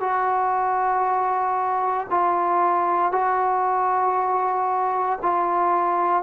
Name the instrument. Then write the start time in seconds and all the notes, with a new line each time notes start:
trombone
0.00 F#4
2.10 F4
3.12 F#4
5.22 F4